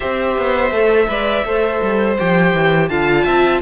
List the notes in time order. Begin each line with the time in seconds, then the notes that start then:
0.00 C4 G4 C5 E5
0.37 B3
0.71 A3 A4
1.08 G#3 B4 D5
1.44 A3 A4 C5
1.82 G3
2.18 F3 G4 G5
2.53 E3
2.88 D3 F4 F5 A5
3.24 C4 E5